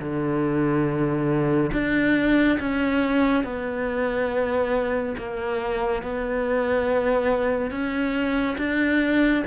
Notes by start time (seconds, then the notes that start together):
0.00 D3
1.73 D4
2.60 C#4
3.44 B3
5.18 A#3
6.03 B3
7.71 C#4
8.58 D4